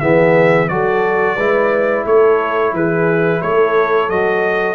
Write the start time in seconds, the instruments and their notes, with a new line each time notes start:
0.00 tuba E3, trombone B3, horn G#4, trumpet E5
0.68 tuba F#3, trombone F#4, horn A4, trumpet D5
1.36 tuba G#3, trombone E4, horn B4
2.04 tuba A3, horn A4, trumpet C#5
2.73 tuba E3, horn G#4, trumpet B4
3.41 tuba A3, horn A4, trumpet C#5
4.09 tuba F#3, trombone F#4, trumpet D#5